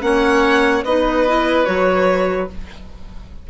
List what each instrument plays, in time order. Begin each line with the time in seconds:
0.00 bassoon A#3, clarinet C#4, oboe C#5, violin F#5
0.84 bassoon B3, clarinet D#4, oboe B4, violin D#5
1.27 clarinet E4
1.65 bassoon F#3, clarinet F#4, violin C#5